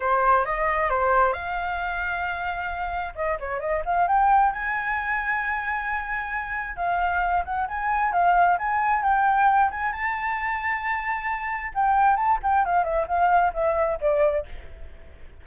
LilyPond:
\new Staff \with { instrumentName = "flute" } { \time 4/4 \tempo 4 = 133 c''4 dis''4 c''4 f''4~ | f''2. dis''8 cis''8 | dis''8 f''8 g''4 gis''2~ | gis''2. f''4~ |
f''8 fis''8 gis''4 f''4 gis''4 | g''4. gis''8 a''2~ | a''2 g''4 a''8 g''8 | f''8 e''8 f''4 e''4 d''4 | }